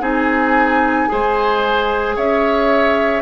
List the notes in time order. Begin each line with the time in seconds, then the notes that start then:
0.00 C4 D#4 G#4 G#5
1.08 G#3 G#4 C5
2.15 C#4 C#5 E5